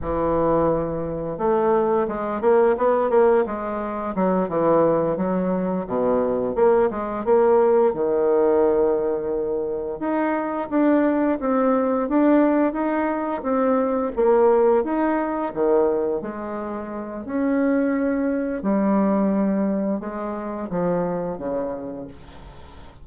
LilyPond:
\new Staff \with { instrumentName = "bassoon" } { \time 4/4 \tempo 4 = 87 e2 a4 gis8 ais8 | b8 ais8 gis4 fis8 e4 fis8~ | fis8 b,4 ais8 gis8 ais4 dis8~ | dis2~ dis8 dis'4 d'8~ |
d'8 c'4 d'4 dis'4 c'8~ | c'8 ais4 dis'4 dis4 gis8~ | gis4 cis'2 g4~ | g4 gis4 f4 cis4 | }